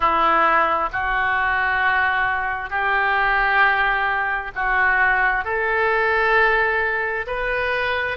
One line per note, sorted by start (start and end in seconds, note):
0.00 0.89 E4
0.92 2.69 F#4
2.69 4.51 G4
4.55 5.44 F#4
5.44 7.26 A4
7.26 8.17 B4